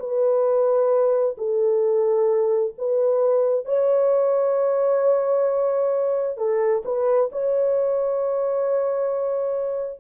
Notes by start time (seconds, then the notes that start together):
0.00 B4
1.38 A4
2.79 B4
3.66 C#5
6.38 A4
6.85 B4
7.33 C#5